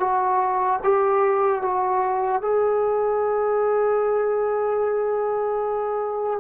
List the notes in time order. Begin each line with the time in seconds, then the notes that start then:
0.00 F#4
0.84 G4
1.62 F#4
2.42 G#4